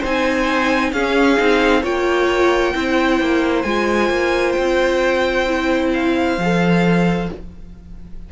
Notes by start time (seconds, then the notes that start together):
0.00 C4 D#4 C5 G#5
0.93 C#4 G#4 F5
1.37 C4 D#4
1.83 A#3 F4 C#5 G5
2.75 C4 E4 C5
3.21 A#3
3.62 G#3 F4 G#5
4.10 A#3
4.52 G5
4.59 C4
5.48 E4
5.94 F5
6.38 F3 A4